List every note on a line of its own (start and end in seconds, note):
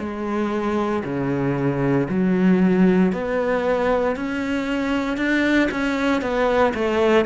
0.00 1.03 G#3
1.04 2.08 C#3
2.09 3.13 F#3
3.13 4.16 B3
4.16 5.17 C#4
5.17 5.69 D4
5.71 6.22 C#4
6.22 6.73 B3
6.74 7.26 A3